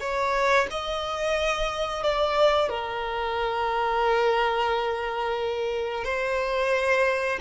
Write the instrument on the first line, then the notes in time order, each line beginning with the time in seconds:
violin
0.00 C#5
0.70 D#5
2.03 D5
2.69 A#4
6.04 C5